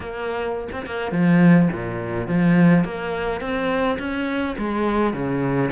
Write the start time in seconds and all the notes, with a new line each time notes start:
0.00 A#3
0.71 C4
0.86 A#3
1.11 F3
1.72 A#2
2.27 F3
2.84 A#3
3.40 C4
3.98 C#4
4.58 G#3
5.13 C#3